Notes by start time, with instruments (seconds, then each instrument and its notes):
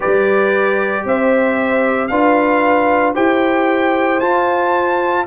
0.00 tuba G3, trombone G4, horn B4, trumpet D5
1.04 tuba C4, horn C5, trumpet E5
2.07 tuba D4, trombone F4, horn B4, trumpet F5
3.13 tuba E4, trombone G4, horn C5, trumpet G5
4.20 trombone F4, tuba F4, trumpet A5